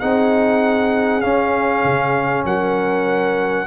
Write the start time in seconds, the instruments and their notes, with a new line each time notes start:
0.00 tuba C4, trombone D#4, horn G#4, trumpet F#5
1.21 trombone C#4, tuba C#4, trumpet F5
1.84 tuba C#3
2.45 tuba F#3, horn A#4, trumpet F#5